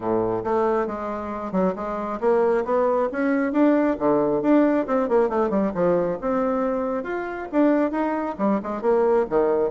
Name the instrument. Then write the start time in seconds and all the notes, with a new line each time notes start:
bassoon
0.00 A2
0.44 A3
0.86 G#3
1.52 F#3
1.75 G#3
2.20 A#3
2.65 B3
3.12 C#4
3.52 D4
3.98 D3
4.42 D4
4.86 C4
5.08 A#3
5.29 A3
5.50 G3
5.74 F3
6.21 C4
7.03 F4
7.52 D4
7.91 D#4
8.38 G3
8.62 G#3
8.81 A#3
9.29 D#3